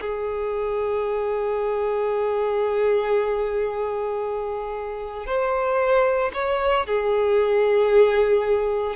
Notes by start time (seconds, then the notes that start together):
0.00 G#4
5.26 C5
6.33 C#5
6.86 G#4